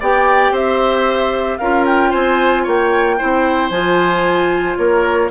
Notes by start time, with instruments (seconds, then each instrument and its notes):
0.00 bassoon B3, clarinet G4, oboe D5, flute G5
0.51 bassoon C4, oboe C5, flute E5
1.58 bassoon C#4, clarinet F4, oboe A#4, flute F5
1.86 flute G5
2.10 bassoon C4, oboe C5, flute G#5
2.63 bassoon A#3, oboe C#5, flute G5
3.19 bassoon C4, clarinet E4, oboe C5
3.70 bassoon F3, clarinet F4, flute G#5
4.77 bassoon A#3, oboe A#4, flute C#5